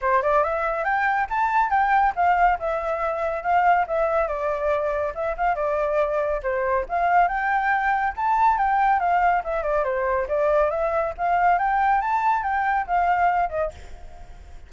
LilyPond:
\new Staff \with { instrumentName = "flute" } { \time 4/4 \tempo 4 = 140 c''8 d''8 e''4 g''4 a''4 | g''4 f''4 e''2 | f''4 e''4 d''2 | e''8 f''8 d''2 c''4 |
f''4 g''2 a''4 | g''4 f''4 e''8 d''8 c''4 | d''4 e''4 f''4 g''4 | a''4 g''4 f''4. dis''8 | }